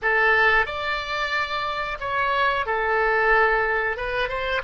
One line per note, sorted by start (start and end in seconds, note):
0.02 0.66 A4
0.66 1.98 D5
2.00 2.66 C#5
2.66 3.96 A4
3.96 4.28 B4
4.28 4.61 C5